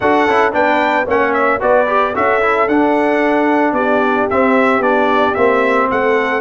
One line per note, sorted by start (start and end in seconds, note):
0.00 0.27 D4
0.00 0.28 F#4
0.00 0.53 A4
0.00 0.53 F#5
0.27 0.53 C#4
0.27 0.51 E4
0.51 1.07 B3
0.51 1.05 D4
0.51 1.05 B4
0.51 1.07 G5
1.05 1.61 A#3
1.05 1.60 C#4
1.05 1.59 C#5
1.05 1.33 F#5
1.33 1.60 E5
1.60 2.15 B3
1.60 1.86 F#4
1.60 2.13 B4
1.60 2.15 D5
1.87 2.14 G4
2.14 2.67 C#4
2.14 2.41 F#4
2.14 3.75 A4
2.14 2.68 E5
2.41 2.68 E4
2.67 3.72 D4
2.67 4.30 D4
2.67 3.74 F#5
3.72 4.25 B3
3.72 5.89 G4
3.72 4.27 D5
4.30 4.81 C4
4.30 4.79 C4
4.30 4.82 E5
4.79 5.32 B3
4.79 5.35 D4
4.79 5.34 D5
5.34 5.89 A#3
5.34 6.40 C4
5.34 5.87 E5
5.90 6.40 A3
5.90 6.40 A4
5.90 6.40 F#5